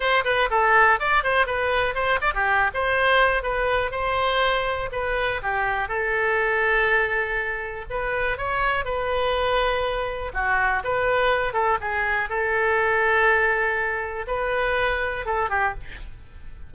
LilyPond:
\new Staff \with { instrumentName = "oboe" } { \time 4/4 \tempo 4 = 122 c''8 b'8 a'4 d''8 c''8 b'4 | c''8 d''16 g'8. c''4. b'4 | c''2 b'4 g'4 | a'1 |
b'4 cis''4 b'2~ | b'4 fis'4 b'4. a'8 | gis'4 a'2.~ | a'4 b'2 a'8 g'8 | }